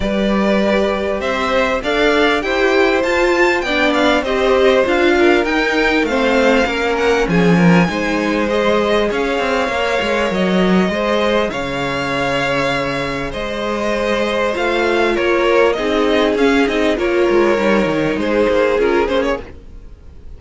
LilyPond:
<<
  \new Staff \with { instrumentName = "violin" } { \time 4/4 \tempo 4 = 99 d''2 e''4 f''4 | g''4 a''4 g''8 f''8 dis''4 | f''4 g''4 f''4. fis''8 | gis''2 dis''4 f''4~ |
f''4 dis''2 f''4~ | f''2 dis''2 | f''4 cis''4 dis''4 f''8 dis''8 | cis''2 c''4 ais'8 c''16 cis''16 | }
  \new Staff \with { instrumentName = "violin" } { \time 4/4 b'2 c''4 d''4 | c''2 d''4 c''4~ | c''8 ais'4. c''4 ais'4 | gis'8 ais'8 c''2 cis''4~ |
cis''2 c''4 cis''4~ | cis''2 c''2~ | c''4 ais'4 gis'2 | ais'2 gis'2 | }
  \new Staff \with { instrumentName = "viola" } { \time 4/4 g'2. a'4 | g'4 f'4 d'4 g'4 | f'4 dis'4 c'4 cis'4~ | cis'4 dis'4 gis'2 |
ais'2 gis'2~ | gis'1 | f'2 dis'4 cis'8 dis'8 | f'4 dis'2 f'8 cis'8 | }
  \new Staff \with { instrumentName = "cello" } { \time 4/4 g2 c'4 d'4 | e'4 f'4 b4 c'4 | d'4 dis'4 a4 ais4 | f4 gis2 cis'8 c'8 |
ais8 gis8 fis4 gis4 cis4~ | cis2 gis2 | a4 ais4 c'4 cis'8 c'8 | ais8 gis8 g8 dis8 gis8 ais8 cis'8 ais8 | }
>>